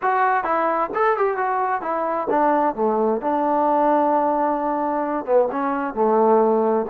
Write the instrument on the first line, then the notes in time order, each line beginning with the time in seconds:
trombone
0.01 F#4
0.44 E4
0.94 A4
1.17 G4
1.37 F#4
1.81 E4
2.30 D4
2.75 A3
3.21 D4
5.25 B3
5.51 C#4
5.94 A3